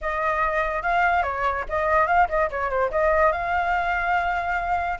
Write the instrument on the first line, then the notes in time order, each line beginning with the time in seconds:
flute
0.01 D#5
0.82 F5
1.23 C#5
1.68 D#5
2.07 F5
2.28 D#5
2.50 C#5
2.70 C5
2.91 D#5
3.31 F5